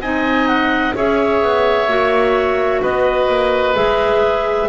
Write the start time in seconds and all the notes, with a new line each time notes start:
0.00 C4 D#4 D#5 G#5
0.48 F#5
0.96 C#4 G#4 C#5 E5
1.42 B3
1.88 A#3 F#4
2.82 B3 B4 D#5
3.28 A#3
3.75 G#3 G#4 E5